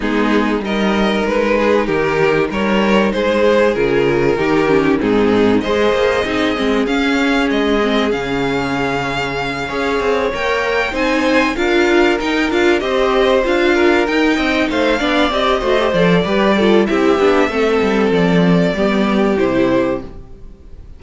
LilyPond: <<
  \new Staff \with { instrumentName = "violin" } { \time 4/4 \tempo 4 = 96 gis'4 dis''4 b'4 ais'4 | cis''4 c''4 ais'2 | gis'4 dis''2 f''4 | dis''4 f''2.~ |
f''8 g''4 gis''4 f''4 g''8 | f''8 dis''4 f''4 g''4 f''8~ | f''8 dis''4 d''4. e''4~ | e''4 d''2 c''4 | }
  \new Staff \with { instrumentName = "violin" } { \time 4/4 dis'4 ais'4. gis'8 g'4 | ais'4 gis'2 g'4 | dis'4 c''4 gis'2~ | gis'2.~ gis'8 cis''8~ |
cis''4. c''4 ais'4.~ | ais'8 c''4. ais'4 dis''8 c''8 | d''4 c''4 b'8 a'8 g'4 | a'2 g'2 | }
  \new Staff \with { instrumentName = "viola" } { \time 4/4 b4 dis'2.~ | dis'2 f'4 dis'8 cis'8 | c'4 gis'4 dis'8 c'8 cis'4~ | cis'8 c'8 cis'2~ cis'8 gis'8~ |
gis'8 ais'4 dis'4 f'4 dis'8 | f'8 g'4 f'4 dis'4. | d'8 g'8 fis'16 g'16 a'8 g'8 f'8 e'8 d'8 | c'2 b4 e'4 | }
  \new Staff \with { instrumentName = "cello" } { \time 4/4 gis4 g4 gis4 dis4 | g4 gis4 cis4 dis4 | gis,4 gis8 ais8 c'8 gis8 cis'4 | gis4 cis2~ cis8 cis'8 |
c'8 ais4 c'4 d'4 dis'8 | d'8 c'4 d'4 dis'8 c'8 a8 | b8 c'8 a8 f8 g4 c'8 b8 | a8 g8 f4 g4 c4 | }
>>